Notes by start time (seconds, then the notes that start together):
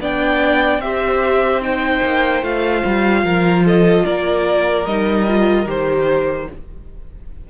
0.00 B3 D4 D5 G5
0.79 C4 G4 E5
0.85 C5
1.62 D#4 G5
2.03 A#3
2.43 A3 F4 F5
2.86 G3
3.24 F3 A#4
3.65 A4 D#5
4.06 A#3 A#4 D5
4.86 G3 D#4 D#5
5.28 F4
5.66 D#3 G4 C5